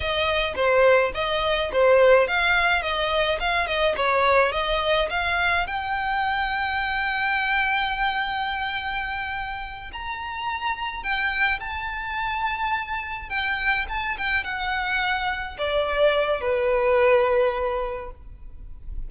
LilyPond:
\new Staff \with { instrumentName = "violin" } { \time 4/4 \tempo 4 = 106 dis''4 c''4 dis''4 c''4 | f''4 dis''4 f''8 dis''8 cis''4 | dis''4 f''4 g''2~ | g''1~ |
g''4. ais''2 g''8~ | g''8 a''2. g''8~ | g''8 a''8 g''8 fis''2 d''8~ | d''4 b'2. | }